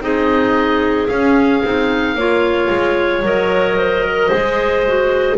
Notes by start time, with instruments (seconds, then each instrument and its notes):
0.00 double bass C4, clarinet D#4 G#4, oboe D#5
1.07 clarinet C#4, double bass C#4, oboe F5
1.64 double bass C4, clarinet D#4
2.15 double bass A#3, clarinet F4 C#5
2.69 double bass G#3
3.22 double bass F#3, clarinet A#4, oboe D#5
3.77 clarinet C5
4.04 clarinet A#4
4.28 double bass G#3, clarinet G#4 C5
4.87 clarinet F#4